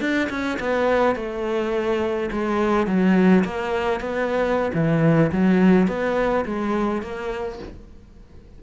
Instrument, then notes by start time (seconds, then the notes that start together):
cello
0.00 D4
0.29 C#4
0.59 B3
1.16 A3
2.31 G#3
2.87 F#3
3.44 A#3
4.00 B3
4.74 E3
5.32 F#3
5.87 B3
6.45 G#3
7.02 A#3